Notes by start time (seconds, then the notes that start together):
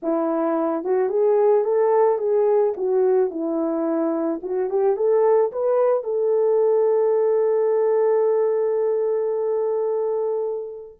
0.02 E4
0.84 F#4
1.09 G#4
1.64 A4
2.18 G#4
2.76 F#4
3.30 E4
4.42 F#4
4.70 G4
4.96 A4
5.51 B4
6.03 A4